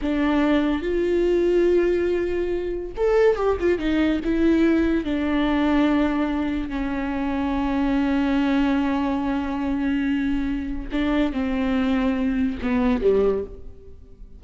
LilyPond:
\new Staff \with { instrumentName = "viola" } { \time 4/4 \tempo 4 = 143 d'2 f'2~ | f'2. a'4 | g'8 f'8 dis'4 e'2 | d'1 |
cis'1~ | cis'1~ | cis'2 d'4 c'4~ | c'2 b4 g4 | }